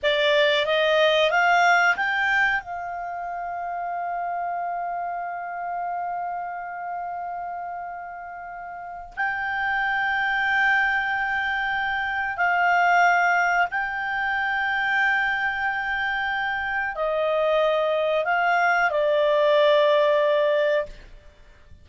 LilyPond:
\new Staff \with { instrumentName = "clarinet" } { \time 4/4 \tempo 4 = 92 d''4 dis''4 f''4 g''4 | f''1~ | f''1~ | f''2 g''2~ |
g''2. f''4~ | f''4 g''2.~ | g''2 dis''2 | f''4 d''2. | }